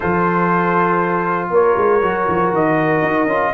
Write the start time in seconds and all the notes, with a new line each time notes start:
0.00 F3 F4 A4 C5
1.50 A#3 A#4 C#5
1.77 G#3
2.02 F#3 F#4
2.28 F3
2.52 D#3 D#5
3.02 D#4
3.26 C#4 F4